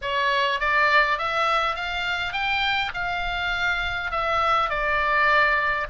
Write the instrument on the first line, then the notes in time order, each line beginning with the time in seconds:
oboe
0.01 C#5
0.59 D5
1.18 E5
1.75 F5
2.32 G5
2.94 F5
4.11 E5
4.69 D5